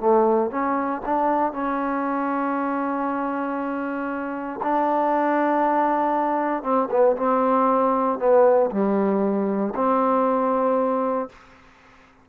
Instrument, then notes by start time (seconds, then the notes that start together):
trombone
0.00 A3
0.51 C#4
1.05 D4
1.53 C#4
4.63 D4
6.63 C4
6.90 B3
7.17 C4
8.19 B3
8.71 G3
9.75 C4